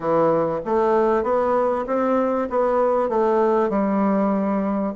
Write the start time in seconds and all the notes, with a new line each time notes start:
0.00 E3
0.65 A3
1.23 B3
1.86 C4
2.50 B3
3.09 A3
3.69 G3